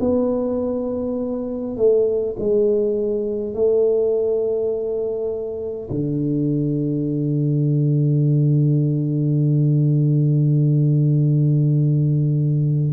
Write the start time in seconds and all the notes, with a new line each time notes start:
0.00 B3
1.76 A3
2.39 G#3
3.53 A3
5.90 D3